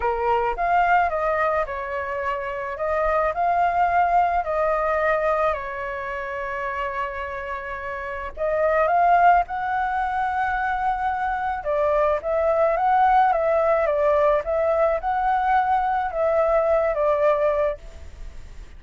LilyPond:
\new Staff \with { instrumentName = "flute" } { \time 4/4 \tempo 4 = 108 ais'4 f''4 dis''4 cis''4~ | cis''4 dis''4 f''2 | dis''2 cis''2~ | cis''2. dis''4 |
f''4 fis''2.~ | fis''4 d''4 e''4 fis''4 | e''4 d''4 e''4 fis''4~ | fis''4 e''4. d''4. | }